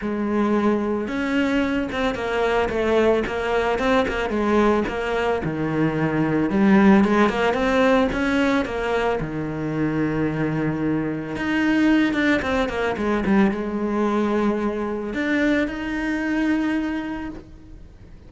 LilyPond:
\new Staff \with { instrumentName = "cello" } { \time 4/4 \tempo 4 = 111 gis2 cis'4. c'8 | ais4 a4 ais4 c'8 ais8 | gis4 ais4 dis2 | g4 gis8 ais8 c'4 cis'4 |
ais4 dis2.~ | dis4 dis'4. d'8 c'8 ais8 | gis8 g8 gis2. | d'4 dis'2. | }